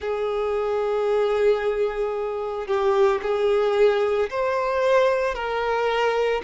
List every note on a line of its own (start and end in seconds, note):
0.00 2.67 G#4
2.67 3.20 G4
3.22 4.29 G#4
4.30 5.34 C5
5.34 6.41 A#4